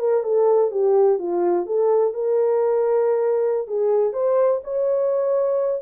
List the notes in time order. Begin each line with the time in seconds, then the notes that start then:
0.00 A#4
0.24 A4
0.71 G4
1.19 F4
1.67 A4
2.14 A#4
3.68 G#4
4.13 C5
4.64 C#5